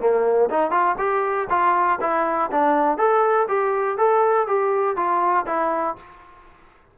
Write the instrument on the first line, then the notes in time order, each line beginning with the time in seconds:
trombone
0.00 A#3
0.50 D#4
0.71 F4
0.98 G4
1.50 F4
2.01 E4
2.52 D4
2.98 A4
3.48 G4
3.98 A4
4.47 G4
4.97 F4
5.47 E4